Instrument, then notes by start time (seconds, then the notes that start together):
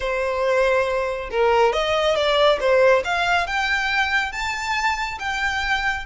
violin
0.00 C5
1.30 A#4
1.72 D#5
2.15 D5
2.60 C5
3.04 F5
3.46 G5
4.32 A5
5.19 G5